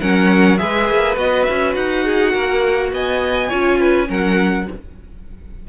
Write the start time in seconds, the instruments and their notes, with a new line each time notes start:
0.00 cello F#3, viola C#4, violin A#4 F#5
0.57 cello G#3, viola G#4, violin B4 E5
0.90 cello A#3
1.16 cello B3, viola F#4, violin D#5
1.44 cello C#4, violin E5
1.75 cello D#4, violin F#5
2.04 violin G#4
2.33 cello A#3, violin A#4
2.92 cello B3, violin D#5 G#5
3.49 cello C#4, viola F4, violin C#5
3.79 violin B4
4.07 cello F#3, viola C#4, violin A#4 F#5